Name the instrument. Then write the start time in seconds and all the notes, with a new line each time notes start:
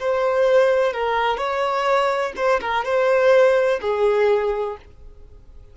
violin
0.00 C5
0.94 A#4
1.38 C#5
2.37 C5
2.61 A#4
2.85 C5
3.82 G#4